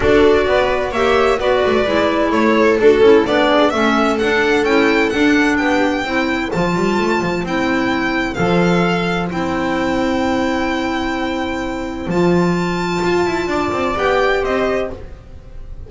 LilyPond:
<<
  \new Staff \with { instrumentName = "violin" } { \time 4/4 \tempo 4 = 129 d''2 e''4 d''4~ | d''4 cis''4 a'4 d''4 | e''4 fis''4 g''4 fis''4 | g''2 a''2 |
g''2 f''2 | g''1~ | g''2 a''2~ | a''2 g''4 dis''4 | }
  \new Staff \with { instrumentName = "viola" } { \time 4/4 a'4 b'4 cis''4 b'4~ | b'4 a'2~ a'8 gis'8 | a'1 | g'4 c''2.~ |
c''1~ | c''1~ | c''1~ | c''4 d''2 c''4 | }
  \new Staff \with { instrumentName = "clarinet" } { \time 4/4 fis'2 g'4 fis'4 | e'2 fis'8 e'8 d'4 | cis'4 d'4 e'4 d'4~ | d'4 e'4 f'2 |
e'2 a'2 | e'1~ | e'2 f'2~ | f'2 g'2 | }
  \new Staff \with { instrumentName = "double bass" } { \time 4/4 d'4 b4 ais4 b8 a8 | gis4 a4 d'8 cis'8 b4 | a4 d'4 cis'4 d'4 | b4 c'4 f8 g8 a8 f8 |
c'2 f2 | c'1~ | c'2 f2 | f'8 e'8 d'8 c'8 b4 c'4 | }
>>